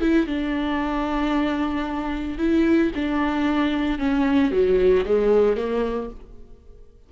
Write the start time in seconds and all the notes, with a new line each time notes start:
0.00 E4
0.26 D4
2.38 E4
2.94 D4
3.98 C#4
4.51 F#3
5.05 G#3
5.56 A#3